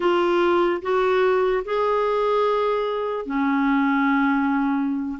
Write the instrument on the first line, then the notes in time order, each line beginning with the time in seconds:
clarinet
0.00 F4
0.82 F#4
1.64 G#4
3.25 C#4